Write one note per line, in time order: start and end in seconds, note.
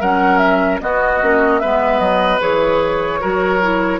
0.00 0.80 F#3
0.00 0.80 C#4
0.00 0.80 A#4
0.00 0.38 F#5
0.38 0.78 E5
0.80 1.20 B3
0.80 1.22 B3
0.80 1.60 F#4
0.80 1.59 D#5
1.22 1.62 A#3
1.22 1.62 C#4
1.59 1.99 G#3
1.59 2.40 B3
1.59 3.20 B4
1.59 1.99 E5
1.99 2.39 F#3
1.99 2.39 D#5
2.40 3.21 E3
2.40 3.20 G#4
2.40 4.00 C#5
3.20 4.00 F#3
3.20 3.60 F#4
3.20 4.00 A#4
3.62 4.00 E4